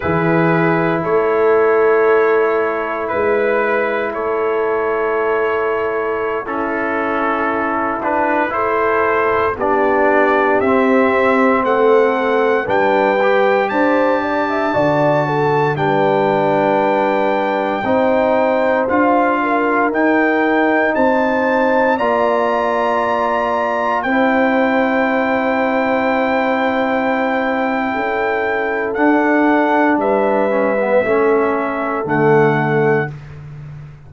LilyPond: <<
  \new Staff \with { instrumentName = "trumpet" } { \time 4/4 \tempo 4 = 58 b'4 cis''2 b'4 | cis''2~ cis''16 a'4. b'16~ | b'16 c''4 d''4 e''4 fis''8.~ | fis''16 g''4 a''2 g''8.~ |
g''2~ g''16 f''4 g''8.~ | g''16 a''4 ais''2 g''8.~ | g''1 | fis''4 e''2 fis''4 | }
  \new Staff \with { instrumentName = "horn" } { \time 4/4 gis'4 a'2 b'4 | a'2~ a'16 e'4.~ e'16~ | e'16 a'4 g'2 a'8.~ | a'16 b'4 c''8 d''16 e''16 d''8 a'8 b'8.~ |
b'4~ b'16 c''4. ais'4~ ais'16~ | ais'16 c''4 d''2 c''8.~ | c''2. a'4~ | a'4 b'4 a'2 | }
  \new Staff \with { instrumentName = "trombone" } { \time 4/4 e'1~ | e'2~ e'16 cis'4. d'16~ | d'16 e'4 d'4 c'4.~ c'16~ | c'16 d'8 g'4. fis'4 d'8.~ |
d'4~ d'16 dis'4 f'4 dis'8.~ | dis'4~ dis'16 f'2 e'8.~ | e'1 | d'4. cis'16 b16 cis'4 a4 | }
  \new Staff \with { instrumentName = "tuba" } { \time 4/4 e4 a2 gis4 | a1~ | a4~ a16 b4 c'4 a8.~ | a16 g4 d'4 d4 g8.~ |
g4~ g16 c'4 d'4 dis'8.~ | dis'16 c'4 ais2 c'8.~ | c'2. cis'4 | d'4 g4 a4 d4 | }
>>